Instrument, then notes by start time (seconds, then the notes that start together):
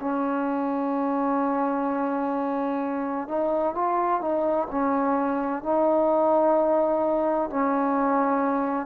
trombone
0.00 C#4
3.28 D#4
3.75 F4
4.21 D#4
4.71 C#4
5.63 D#4
7.50 C#4